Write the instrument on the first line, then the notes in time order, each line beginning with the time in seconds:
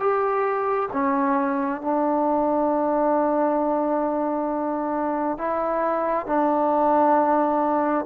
trombone
0.00 G4
0.93 C#4
1.82 D4
5.38 E4
6.26 D4